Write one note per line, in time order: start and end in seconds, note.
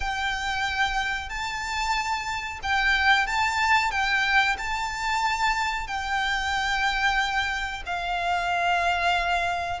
0.00 1.29 G5
1.29 2.59 A5
2.62 3.26 G5
3.26 3.91 A5
3.91 4.56 G5
4.58 5.87 A5
5.87 7.83 G5
7.86 9.80 F5